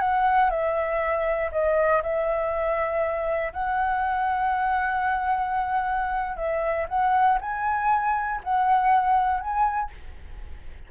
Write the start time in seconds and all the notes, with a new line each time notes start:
0.00 F#5
0.50 E5
1.52 D#5
2.02 E5
3.53 F#5
6.37 E5
6.89 F#5
7.41 G#5
8.44 F#5
9.40 G#5